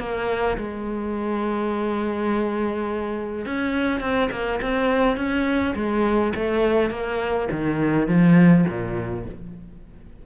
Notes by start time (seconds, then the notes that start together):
0.00 A#3
0.58 G#3
3.46 C#4
4.01 C4
4.32 A#3
4.62 C4
5.17 C#4
5.76 G#3
6.36 A3
6.91 A#3
7.52 D#3
8.08 F3
8.69 A#2